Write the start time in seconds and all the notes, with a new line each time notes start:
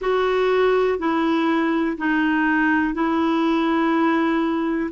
0.00 F#4
0.98 E4
1.97 D#4
2.93 E4